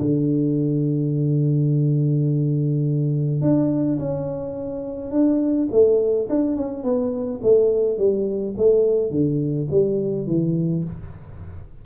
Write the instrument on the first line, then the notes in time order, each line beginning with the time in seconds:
tuba
0.00 D3
3.41 D4
3.98 C#4
5.11 D4
5.71 A3
6.29 D4
6.56 C#4
6.83 B3
7.42 A3
7.97 G3
8.57 A3
9.10 D3
9.70 G3
10.26 E3